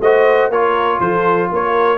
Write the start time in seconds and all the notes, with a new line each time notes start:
0.00 A3 F#4 C5 D#5
0.49 A#3 F4 A#4 C#5
0.99 F3 A4 C5
1.51 A#3 A#4 C#5